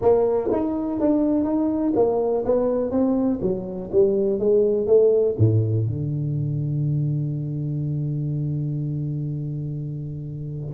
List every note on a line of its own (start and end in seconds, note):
0.01 0.50 A#3
0.51 1.00 D#4
1.00 1.44 D4
1.44 1.93 D#4
1.95 2.44 A#3
2.45 2.90 B3
2.90 3.39 C4
3.41 3.90 F#3
3.92 4.39 G3
4.39 4.86 G#3
4.86 5.35 A3
5.38 5.86 A2
5.86 10.74 D3